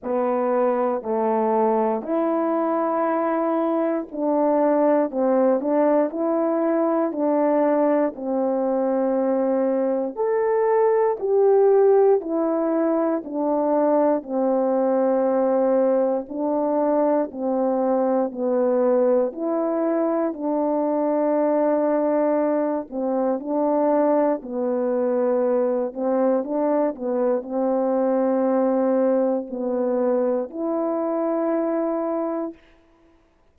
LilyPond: \new Staff \with { instrumentName = "horn" } { \time 4/4 \tempo 4 = 59 b4 a4 e'2 | d'4 c'8 d'8 e'4 d'4 | c'2 a'4 g'4 | e'4 d'4 c'2 |
d'4 c'4 b4 e'4 | d'2~ d'8 c'8 d'4 | b4. c'8 d'8 b8 c'4~ | c'4 b4 e'2 | }